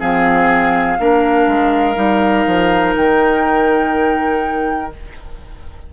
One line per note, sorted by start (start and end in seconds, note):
0.00 0.99 F3
0.00 0.98 C4
0.00 0.98 G#4
0.00 2.95 F5
0.99 1.47 A#3
0.99 1.95 D4
0.99 4.94 A#4
1.47 1.96 G#3
1.95 2.46 G3
1.95 4.90 D#4
2.47 2.96 F3
2.96 4.93 D#3
2.96 4.93 G5